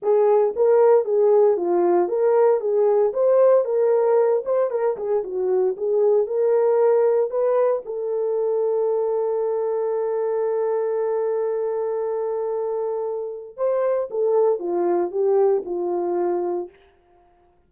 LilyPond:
\new Staff \with { instrumentName = "horn" } { \time 4/4 \tempo 4 = 115 gis'4 ais'4 gis'4 f'4 | ais'4 gis'4 c''4 ais'4~ | ais'8 c''8 ais'8 gis'8 fis'4 gis'4 | ais'2 b'4 a'4~ |
a'1~ | a'1~ | a'2 c''4 a'4 | f'4 g'4 f'2 | }